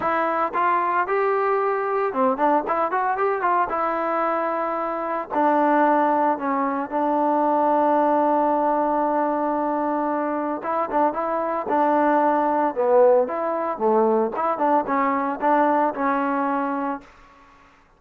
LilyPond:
\new Staff \with { instrumentName = "trombone" } { \time 4/4 \tempo 4 = 113 e'4 f'4 g'2 | c'8 d'8 e'8 fis'8 g'8 f'8 e'4~ | e'2 d'2 | cis'4 d'2.~ |
d'1 | e'8 d'8 e'4 d'2 | b4 e'4 a4 e'8 d'8 | cis'4 d'4 cis'2 | }